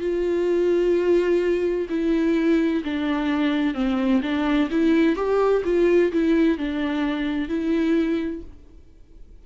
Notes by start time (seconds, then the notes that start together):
0.00 F4
1.89 E4
2.84 D4
3.74 C4
4.22 D4
4.70 E4
5.15 G4
5.64 F4
6.12 E4
6.58 D4
7.48 E4